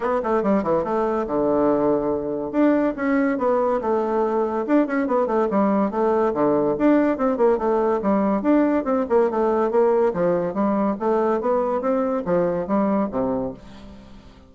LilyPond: \new Staff \with { instrumentName = "bassoon" } { \time 4/4 \tempo 4 = 142 b8 a8 g8 e8 a4 d4~ | d2 d'4 cis'4 | b4 a2 d'8 cis'8 | b8 a8 g4 a4 d4 |
d'4 c'8 ais8 a4 g4 | d'4 c'8 ais8 a4 ais4 | f4 g4 a4 b4 | c'4 f4 g4 c4 | }